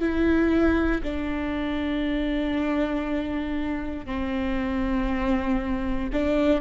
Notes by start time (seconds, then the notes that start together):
0.00 E4
1.03 D4
4.06 C4
6.13 D4